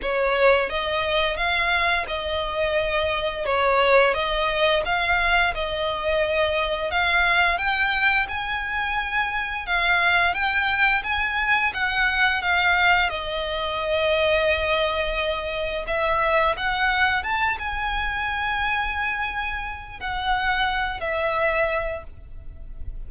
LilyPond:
\new Staff \with { instrumentName = "violin" } { \time 4/4 \tempo 4 = 87 cis''4 dis''4 f''4 dis''4~ | dis''4 cis''4 dis''4 f''4 | dis''2 f''4 g''4 | gis''2 f''4 g''4 |
gis''4 fis''4 f''4 dis''4~ | dis''2. e''4 | fis''4 a''8 gis''2~ gis''8~ | gis''4 fis''4. e''4. | }